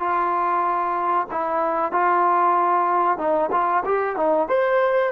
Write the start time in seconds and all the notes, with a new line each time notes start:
0.00 F4
1.32 E4
1.92 F4
3.19 D#4
3.52 F4
3.86 G4
4.17 D#4
4.49 C5